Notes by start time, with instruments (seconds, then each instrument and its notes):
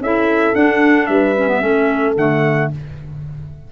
0.00 tuba C#4, clarinet E4, horn A4, trumpet E5
0.54 clarinet D4, tuba D4, trumpet F#5
1.06 tuba G3, horn B4, trumpet E5
1.36 clarinet C#4
1.48 clarinet B3
1.60 tuba A3, clarinet C#4, horn A4
2.16 tuba D3, clarinet A3, trumpet F#5